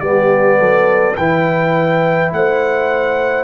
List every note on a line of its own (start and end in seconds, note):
0.00 0.59 G3
0.00 1.16 B3
0.00 0.58 G4
0.00 1.15 D5
0.59 1.17 F#3
0.59 1.17 A4
1.16 2.33 E3
1.16 3.44 E4
1.16 2.32 B4
1.16 2.32 G5
2.33 3.44 A3
2.33 3.44 C5
2.33 3.44 F#5